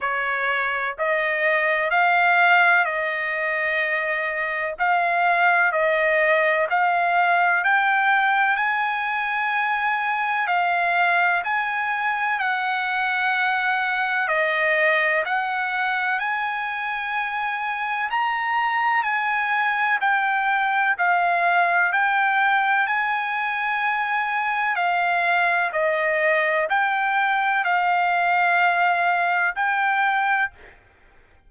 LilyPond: \new Staff \with { instrumentName = "trumpet" } { \time 4/4 \tempo 4 = 63 cis''4 dis''4 f''4 dis''4~ | dis''4 f''4 dis''4 f''4 | g''4 gis''2 f''4 | gis''4 fis''2 dis''4 |
fis''4 gis''2 ais''4 | gis''4 g''4 f''4 g''4 | gis''2 f''4 dis''4 | g''4 f''2 g''4 | }